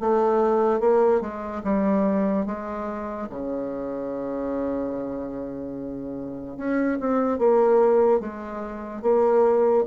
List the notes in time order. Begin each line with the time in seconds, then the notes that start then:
0.00 A3
0.80 A#3
1.21 G#3
1.64 G3
2.46 G#3
3.30 C#3
6.57 C#4
7.00 C4
7.39 A#3
8.20 G#3
9.02 A#3